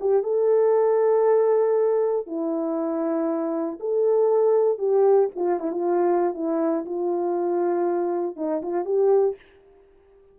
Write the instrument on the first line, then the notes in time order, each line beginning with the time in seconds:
horn
0.00 G4
0.23 A4
2.27 E4
3.80 A4
4.78 G4
5.35 F4
5.60 E4
5.71 F4
6.34 E4
6.85 F4
8.36 D#4
8.62 F4
8.85 G4